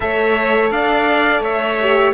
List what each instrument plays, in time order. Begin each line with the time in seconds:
0.00 cello A3, horn A4, violin C#5, trumpet E5
0.70 cello D4, violin D5, trumpet F5
1.39 cello A3, violin C#5, trumpet E5
1.80 horn G4